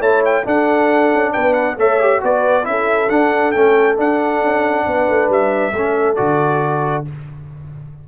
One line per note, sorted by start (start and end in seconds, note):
0.00 0.44 A3
0.00 0.44 E4
0.00 0.44 C#5
0.00 0.24 A5
0.25 0.47 G5
0.44 1.76 D4
0.44 1.12 D4
0.44 1.33 A4
0.44 1.33 F#5
1.14 1.36 C#4
1.33 1.77 B3
1.33 1.78 B4
1.33 1.54 G5
1.54 1.76 F#5
1.77 2.21 A3
1.77 2.01 A4
1.77 2.23 C#5
1.77 2.23 E5
2.01 2.20 G4
2.20 2.67 B3
2.20 2.63 F#4
2.20 2.69 B4
2.20 2.66 D5
2.63 3.10 C#4
2.63 3.07 E4
2.63 3.09 E5
2.70 4.87 A4
3.09 3.54 D4
3.09 3.51 F#5
3.51 3.98 A3
3.51 3.96 C#4
3.51 3.96 G5
3.96 5.73 D4
3.96 4.42 D4
3.96 5.32 F#5
4.42 4.86 C#4
4.86 5.08 B3
4.86 5.76 B4
5.09 5.29 A3
5.29 5.73 G3
5.29 6.16 E5
5.73 6.17 A3
5.73 6.17 C#4
5.73 7.08 A4
6.16 7.08 D3
6.16 7.05 F#4
6.16 7.04 D5